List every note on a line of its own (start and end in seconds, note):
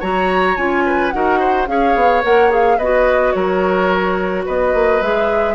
0.00 0.57 F#3
0.00 0.57 F#4
0.00 0.83 C#5
0.00 0.56 A#5
0.56 1.13 C#4
0.56 1.12 F4
0.56 1.11 G#5
0.86 1.13 B4
1.11 1.67 D#4
1.11 1.67 F#4
1.11 1.39 A#4
1.11 1.66 F#5
1.39 1.67 C5
1.67 1.95 C#4
1.67 2.23 G#4
1.67 2.78 C#5
1.67 2.22 F5
1.95 2.23 B3
2.23 2.78 A#3
2.23 2.50 A#4
2.23 2.52 F#5
2.50 2.77 G#4
2.50 2.79 F5
2.78 3.33 B3
2.78 5.03 F#4
2.78 3.33 B4
2.78 3.32 D#5
3.32 4.46 F#3
3.32 4.45 A#4
3.32 4.44 C#5
4.45 4.74 B3
4.45 5.55 B4
4.45 5.02 D#5
4.74 5.01 A#3
5.01 5.55 G#3
5.01 5.55 G#4
5.01 5.55 E5